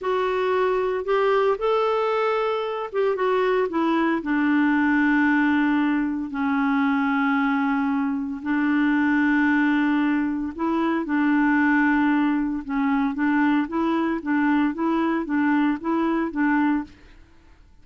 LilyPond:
\new Staff \with { instrumentName = "clarinet" } { \time 4/4 \tempo 4 = 114 fis'2 g'4 a'4~ | a'4. g'8 fis'4 e'4 | d'1 | cis'1 |
d'1 | e'4 d'2. | cis'4 d'4 e'4 d'4 | e'4 d'4 e'4 d'4 | }